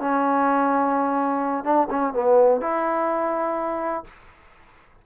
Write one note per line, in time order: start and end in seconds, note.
0.00 1.64 C#4
1.64 1.88 D4
1.90 2.14 C#4
2.14 2.61 B3
2.61 4.04 E4